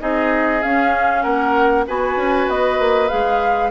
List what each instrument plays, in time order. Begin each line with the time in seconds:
0.00 bassoon C4, clarinet D#4, oboe G#4, flute D#5
0.63 clarinet C#4, bassoon C#4, flute F5
1.22 bassoon A#3, oboe A#4, flute F#5
1.87 bassoon B3, clarinet F#4, oboe B4, flute G#5
2.17 bassoon C#4
2.49 bassoon B3, flute D#5
2.79 bassoon A#3
3.09 bassoon G#3, clarinet G#4, flute F5